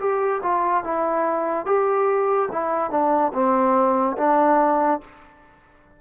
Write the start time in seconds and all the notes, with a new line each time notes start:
0.00 G4
0.43 F4
0.84 E4
1.66 G4
2.52 E4
2.91 D4
3.34 C4
4.18 D4